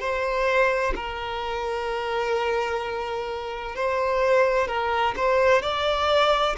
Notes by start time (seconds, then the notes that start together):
0.00 C5
0.95 A#4
3.75 C5
4.68 A#4
5.16 C5
5.62 D5